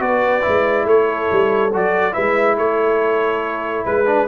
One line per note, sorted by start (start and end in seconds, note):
0.00 0.44 B3
0.00 0.42 F#4
0.00 0.86 B4
0.00 0.88 D5
0.42 0.86 G#3
0.42 1.71 E4
0.86 1.28 A3
0.86 2.14 A4
0.86 1.74 C#5
1.32 1.74 G3
1.74 2.17 F#3
1.74 2.13 F#4
1.74 2.14 D5
2.13 2.57 G#3
2.13 4.06 E4
2.13 2.57 B4
2.13 2.57 E5
2.57 3.86 A3
2.57 3.86 A4
2.57 3.86 C#5
3.86 4.28 G#3
3.86 4.28 B4
4.07 4.28 D4